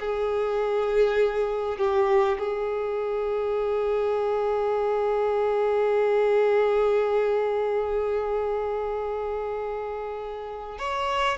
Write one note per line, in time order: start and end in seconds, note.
0.00 1.78 G#4
1.78 2.38 G4
2.38 10.78 G#4
10.78 11.37 C#5